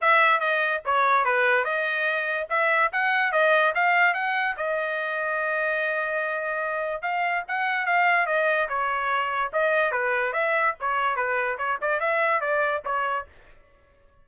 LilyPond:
\new Staff \with { instrumentName = "trumpet" } { \time 4/4 \tempo 4 = 145 e''4 dis''4 cis''4 b'4 | dis''2 e''4 fis''4 | dis''4 f''4 fis''4 dis''4~ | dis''1~ |
dis''4 f''4 fis''4 f''4 | dis''4 cis''2 dis''4 | b'4 e''4 cis''4 b'4 | cis''8 d''8 e''4 d''4 cis''4 | }